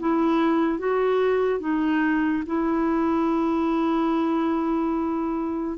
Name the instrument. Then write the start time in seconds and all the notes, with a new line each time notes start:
clarinet
0.00 E4
0.79 F#4
1.60 D#4
2.46 E4